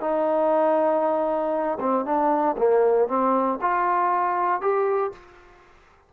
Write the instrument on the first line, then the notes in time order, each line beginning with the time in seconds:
trombone
0.00 D#4
1.80 C4
2.05 D4
2.57 A#3
3.08 C4
3.61 F4
4.61 G4